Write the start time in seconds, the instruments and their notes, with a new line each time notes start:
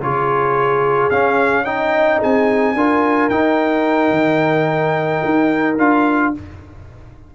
0.00 tuba C#3, trombone F4, horn G#4, trumpet C#5
1.10 tuba C#4, trombone C#4, trumpet F5
1.64 trombone D#4, horn D#5, trumpet G5
2.18 tuba C4, horn G#4, trumpet G#5
2.74 tuba D4, trombone F4, horn A#4
3.29 tuba D#4, trombone D#4, trumpet G5
4.10 tuba D#3
5.25 tuba D#4
5.78 tuba D4, trombone F4, trumpet F5